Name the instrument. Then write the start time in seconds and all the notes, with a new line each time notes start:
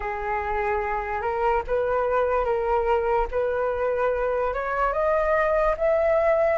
flute
0.00 G#4
1.21 A#4
1.67 B4
2.44 A#4
3.31 B4
4.53 C#5
4.92 D#5
5.77 E5